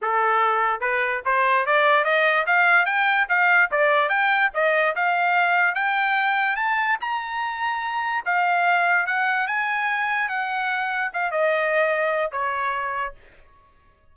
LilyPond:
\new Staff \with { instrumentName = "trumpet" } { \time 4/4 \tempo 4 = 146 a'2 b'4 c''4 | d''4 dis''4 f''4 g''4 | f''4 d''4 g''4 dis''4 | f''2 g''2 |
a''4 ais''2. | f''2 fis''4 gis''4~ | gis''4 fis''2 f''8 dis''8~ | dis''2 cis''2 | }